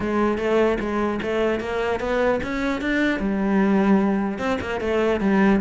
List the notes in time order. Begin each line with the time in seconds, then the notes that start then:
0.00 G#3
0.38 A3
0.80 G#3
1.21 A3
1.60 A#3
2.00 B3
2.43 C#4
2.81 D4
3.19 G3
4.38 C4
4.61 A#3
4.80 A3
5.20 G3